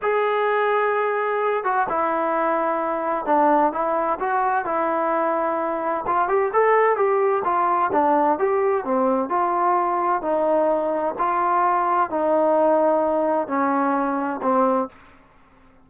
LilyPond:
\new Staff \with { instrumentName = "trombone" } { \time 4/4 \tempo 4 = 129 gis'2.~ gis'8 fis'8 | e'2. d'4 | e'4 fis'4 e'2~ | e'4 f'8 g'8 a'4 g'4 |
f'4 d'4 g'4 c'4 | f'2 dis'2 | f'2 dis'2~ | dis'4 cis'2 c'4 | }